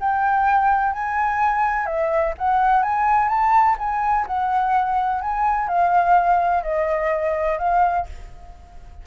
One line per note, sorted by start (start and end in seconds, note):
0.00 0.93 G5
0.93 1.86 G#5
1.86 2.33 E5
2.38 2.83 F#5
2.83 3.28 G#5
3.28 3.76 A5
3.78 4.26 G#5
4.27 5.21 F#5
5.21 5.68 G#5
5.68 6.63 F5
6.63 7.58 D#5
7.58 8.06 F5